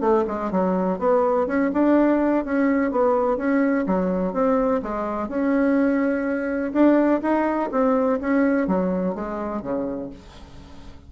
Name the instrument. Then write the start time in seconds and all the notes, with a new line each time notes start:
bassoon
0.00 A3
0.27 G#3
0.51 F#3
0.98 B3
1.46 C#4
1.73 D4
2.44 C#4
2.91 B3
3.37 C#4
3.86 F#3
4.33 C4
4.82 G#3
5.28 C#4
6.72 D4
7.22 D#4
7.71 C4
8.20 C#4
8.67 F#3
9.14 G#3
9.62 C#3